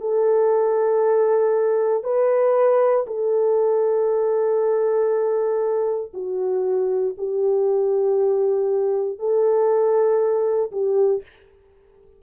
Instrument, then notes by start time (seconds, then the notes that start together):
horn
0.00 A4
2.03 B4
3.06 A4
6.13 F#4
7.17 G4
9.18 A4
10.71 G4